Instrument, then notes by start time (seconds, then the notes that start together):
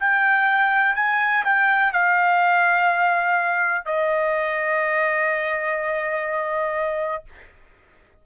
trumpet
0.00 G5
0.95 G#5
1.45 G5
1.93 F5
3.86 D#5